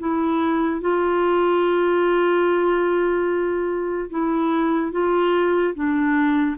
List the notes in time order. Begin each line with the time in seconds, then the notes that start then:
0.00 E4
0.81 F4
4.11 E4
4.92 F4
5.75 D4